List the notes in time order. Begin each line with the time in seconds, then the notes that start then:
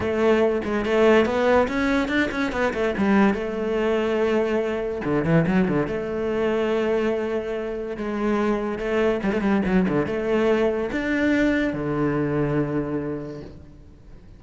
0.00 A3
0.64 G#3
0.85 A3
1.25 B3
1.68 C#4
2.08 D4
2.31 C#4
2.52 B3
2.73 A3
2.97 G3
3.34 A3
5.04 D3
5.24 E3
5.47 F#3
5.68 D3
5.87 A3
7.96 G#3
8.78 A3
9.23 G3
9.32 A3
9.41 G3
9.65 F#3
9.88 D3
10.06 A3
10.91 D4
11.73 D3